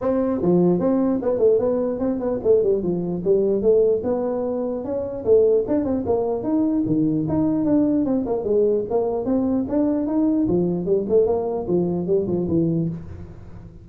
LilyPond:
\new Staff \with { instrumentName = "tuba" } { \time 4/4 \tempo 4 = 149 c'4 f4 c'4 b8 a8 | b4 c'8 b8 a8 g8 f4 | g4 a4 b2 | cis'4 a4 d'8 c'8 ais4 |
dis'4 dis4 dis'4 d'4 | c'8 ais8 gis4 ais4 c'4 | d'4 dis'4 f4 g8 a8 | ais4 f4 g8 f8 e4 | }